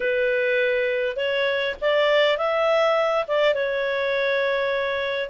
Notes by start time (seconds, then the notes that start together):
0.00 B4
1.16 C#5
1.81 D5
2.37 E5
3.27 D5
3.54 C#5